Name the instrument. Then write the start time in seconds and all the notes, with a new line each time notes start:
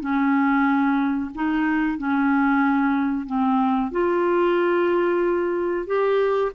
clarinet
0.00 C#4
1.35 D#4
1.98 C#4
3.26 C4
3.92 F4
5.87 G4